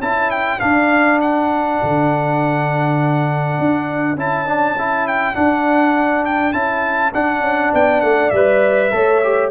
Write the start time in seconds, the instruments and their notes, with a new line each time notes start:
0.00 tuba C#4, trombone E4, horn A4, trumpet A5
0.31 trumpet G5
0.60 trombone D4, tuba D4, trumpet F5
1.22 trumpet F#5
1.83 tuba D3
3.59 tuba D4
4.16 tuba C#4, trombone E4, trumpet A5
4.47 trombone D4
4.79 trombone E4
5.08 trumpet G5
5.35 trombone D4, tuba D4, trumpet F#5
6.26 trumpet G5
6.53 tuba C#4, trombone E4, trumpet A5
7.14 trombone D4, tuba D4, trumpet F#5
7.41 tuba C#4
7.73 tuba B3, horn D5, trumpet G5
8.01 tuba A3, trumpet F#5
8.31 tuba G3, trombone B4, trumpet E5
8.92 tuba A3, trombone A4, horn C#5
9.24 trombone G4